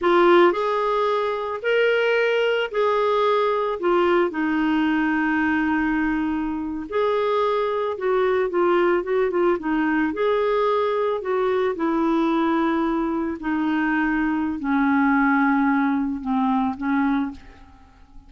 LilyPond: \new Staff \with { instrumentName = "clarinet" } { \time 4/4 \tempo 4 = 111 f'4 gis'2 ais'4~ | ais'4 gis'2 f'4 | dis'1~ | dis'8. gis'2 fis'4 f'16~ |
f'8. fis'8 f'8 dis'4 gis'4~ gis'16~ | gis'8. fis'4 e'2~ e'16~ | e'8. dis'2~ dis'16 cis'4~ | cis'2 c'4 cis'4 | }